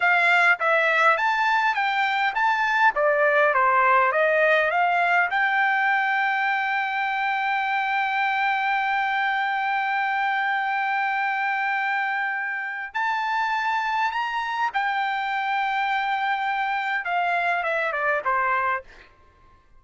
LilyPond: \new Staff \with { instrumentName = "trumpet" } { \time 4/4 \tempo 4 = 102 f''4 e''4 a''4 g''4 | a''4 d''4 c''4 dis''4 | f''4 g''2.~ | g''1~ |
g''1~ | g''2 a''2 | ais''4 g''2.~ | g''4 f''4 e''8 d''8 c''4 | }